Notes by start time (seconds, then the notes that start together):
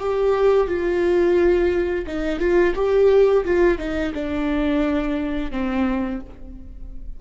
0.00 G4
0.68 F4
2.07 D#4
2.40 F4
2.76 G4
3.45 F4
3.79 D#4
4.14 D4
5.51 C4